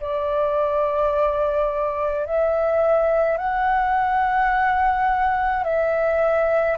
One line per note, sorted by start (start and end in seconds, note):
0.00 2.26 D5
2.26 3.37 E5
3.37 5.63 F#5
5.63 6.77 E5